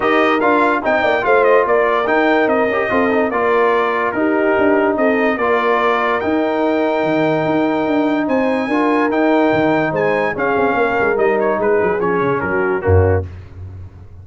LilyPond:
<<
  \new Staff \with { instrumentName = "trumpet" } { \time 4/4 \tempo 4 = 145 dis''4 f''4 g''4 f''8 dis''8 | d''4 g''4 dis''2 | d''2 ais'2 | dis''4 d''2 g''4~ |
g''1 | gis''2 g''2 | gis''4 f''2 dis''8 cis''8 | b'4 cis''4 ais'4 fis'4 | }
  \new Staff \with { instrumentName = "horn" } { \time 4/4 ais'2 dis''8 d''8 c''4 | ais'2. a'4 | ais'2 g'2 | a'4 ais'2.~ |
ais'1 | c''4 ais'2. | c''4 gis'4 ais'2 | gis'2 fis'4 cis'4 | }
  \new Staff \with { instrumentName = "trombone" } { \time 4/4 g'4 f'4 dis'4 f'4~ | f'4 dis'4. g'8 f'8 dis'8 | f'2 dis'2~ | dis'4 f'2 dis'4~ |
dis'1~ | dis'4 f'4 dis'2~ | dis'4 cis'2 dis'4~ | dis'4 cis'2 ais4 | }
  \new Staff \with { instrumentName = "tuba" } { \time 4/4 dis'4 d'4 c'8 ais8 a4 | ais4 dis'4 c'8 cis'8 c'4 | ais2 dis'4 d'4 | c'4 ais2 dis'4~ |
dis'4 dis4 dis'4 d'4 | c'4 d'4 dis'4 dis4 | gis4 cis'8 c'8 ais8 gis8 g4 | gis8 fis8 f8 cis8 fis4 fis,4 | }
>>